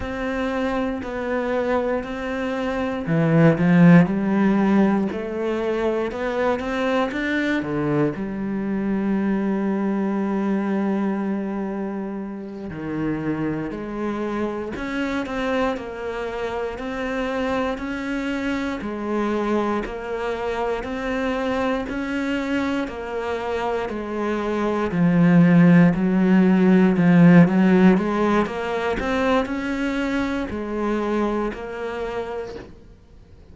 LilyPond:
\new Staff \with { instrumentName = "cello" } { \time 4/4 \tempo 4 = 59 c'4 b4 c'4 e8 f8 | g4 a4 b8 c'8 d'8 d8 | g1~ | g8 dis4 gis4 cis'8 c'8 ais8~ |
ais8 c'4 cis'4 gis4 ais8~ | ais8 c'4 cis'4 ais4 gis8~ | gis8 f4 fis4 f8 fis8 gis8 | ais8 c'8 cis'4 gis4 ais4 | }